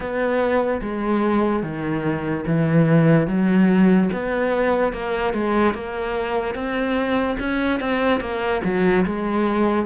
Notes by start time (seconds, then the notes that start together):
0.00 B3
0.81 G#3
1.62 D#3
2.47 E3
3.27 F#3
4.12 B3
4.92 A#3
5.33 G#3
5.73 A#3
6.54 C4
7.39 C#4
7.79 C4
8.20 A#3
8.63 F#3
9.05 G#3